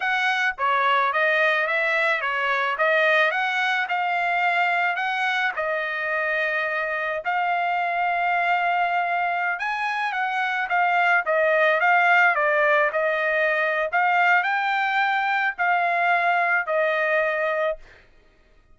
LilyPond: \new Staff \with { instrumentName = "trumpet" } { \time 4/4 \tempo 4 = 108 fis''4 cis''4 dis''4 e''4 | cis''4 dis''4 fis''4 f''4~ | f''4 fis''4 dis''2~ | dis''4 f''2.~ |
f''4~ f''16 gis''4 fis''4 f''8.~ | f''16 dis''4 f''4 d''4 dis''8.~ | dis''4 f''4 g''2 | f''2 dis''2 | }